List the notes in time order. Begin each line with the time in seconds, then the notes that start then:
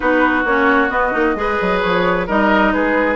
0.00 B3 D#4 F#4 B4
0.44 A#3 C#4 C#5
0.89 B3 D#5
1.12 A#3 D#4
1.35 G#3 G#4 B4
1.61 F#3
1.81 F3 C#5
2.27 G3 D#4 A#4 D#5
2.72 G#3 G#4 B4